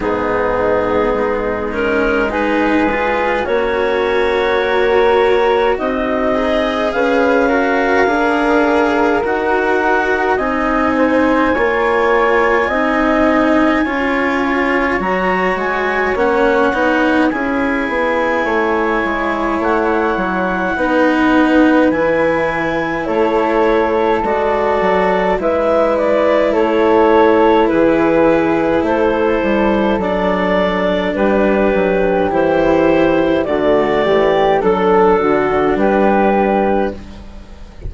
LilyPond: <<
  \new Staff \with { instrumentName = "clarinet" } { \time 4/4 \tempo 4 = 52 gis'4. ais'8 b'4 cis''4~ | cis''4 dis''4 f''2 | fis''4 gis''2.~ | gis''4 ais''8 gis''8 fis''4 gis''4~ |
gis''4 fis''2 gis''4 | cis''4 d''4 e''8 d''8 cis''4 | b'4 c''4 d''4 b'4 | c''4 d''4 a'4 b'4 | }
  \new Staff \with { instrumentName = "flute" } { \time 4/4 dis'2 gis'4 cis'4 | ais'4 dis'4 b'8 ais'4.~ | ais'4 dis''8 c''8 cis''4 dis''4 | cis''2. gis'4 |
cis''2 b'2 | a'2 b'4 a'4 | gis'4 a'2 g'4~ | g'4 fis'8 g'8 a'8 fis'8 g'4 | }
  \new Staff \with { instrumentName = "cello" } { \time 4/4 b4. cis'8 dis'8 f'8 fis'4~ | fis'4. gis'4 fis'8 gis'4 | fis'4 dis'4 f'4 dis'4 | f'4 fis'4 cis'8 dis'8 e'4~ |
e'2 dis'4 e'4~ | e'4 fis'4 e'2~ | e'2 d'2 | e'4 a4 d'2 | }
  \new Staff \with { instrumentName = "bassoon" } { \time 4/4 gis,4 gis2 ais4~ | ais4 c'4 cis'4 d'4 | dis'4 c'4 ais4 c'4 | cis'4 fis8 gis8 ais8 b8 cis'8 b8 |
a8 gis8 a8 fis8 b4 e4 | a4 gis8 fis8 gis4 a4 | e4 a8 g8 fis4 g8 fis8 | e4 d8 e8 fis8 d8 g4 | }
>>